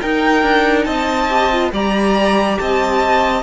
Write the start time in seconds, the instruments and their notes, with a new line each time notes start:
0.00 viola D#4, cello D#4, violin A#4 G5
0.42 cello D4
0.84 cello C4, violin D#5 A5
1.29 viola G4
1.51 viola F4
1.72 cello G3, viola G4, violin D5 A#5
2.58 cello C4, violin D#5 A5